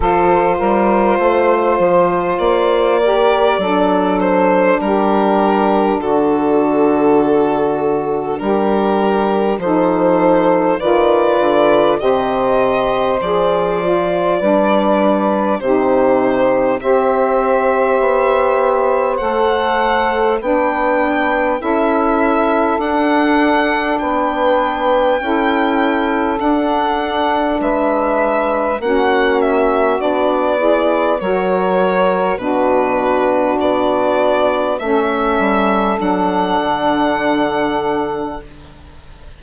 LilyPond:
<<
  \new Staff \with { instrumentName = "violin" } { \time 4/4 \tempo 4 = 50 c''2 d''4. c''8 | ais'4 a'2 ais'4 | c''4 d''4 dis''4 d''4~ | d''4 c''4 e''2 |
fis''4 g''4 e''4 fis''4 | g''2 fis''4 e''4 | fis''8 e''8 d''4 cis''4 b'4 | d''4 e''4 fis''2 | }
  \new Staff \with { instrumentName = "saxophone" } { \time 4/4 a'8 ais'8 c''4. ais'8 a'4 | g'4 fis'2 g'4 | a'4 b'4 c''2 | b'4 g'4 c''2~ |
c''4 b'4 a'2 | b'4 a'2 b'4 | fis'4. gis'8 ais'4 fis'4~ | fis'4 a'2. | }
  \new Staff \with { instrumentName = "saxophone" } { \time 4/4 f'2~ f'8 g'8 d'4~ | d'1 | dis'4 f'4 g'4 gis'8 f'8 | d'4 dis'4 g'2 |
a'4 d'4 e'4 d'4~ | d'4 e'4 d'2 | cis'4 d'8 e'8 fis'4 d'4~ | d'4 cis'4 d'2 | }
  \new Staff \with { instrumentName = "bassoon" } { \time 4/4 f8 g8 a8 f8 ais4 fis4 | g4 d2 g4 | f4 dis8 d8 c4 f4 | g4 c4 c'4 b4 |
a4 b4 cis'4 d'4 | b4 cis'4 d'4 gis4 | ais4 b4 fis4 b,4 | b4 a8 g8 fis8 d4. | }
>>